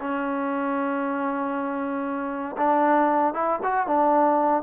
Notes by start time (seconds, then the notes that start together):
0.00 C#4
2.57 D4
3.34 E4
3.63 F#4
3.87 D4